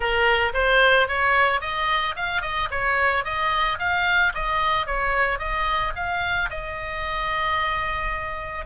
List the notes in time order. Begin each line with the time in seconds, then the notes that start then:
0.00 A#4
0.53 C5
1.08 C#5
1.61 D#5
2.15 F5
2.41 D#5
2.70 C#5
3.24 D#5
3.78 F5
4.34 D#5
4.86 C#5
5.39 D#5
5.95 F5
6.50 D#5